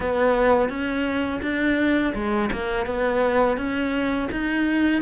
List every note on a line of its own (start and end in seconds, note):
0.00 0.69 B3
0.69 1.40 C#4
1.42 2.13 D4
2.14 2.50 G#3
2.52 2.86 A#3
2.86 3.57 B3
3.57 4.29 C#4
4.31 5.02 D#4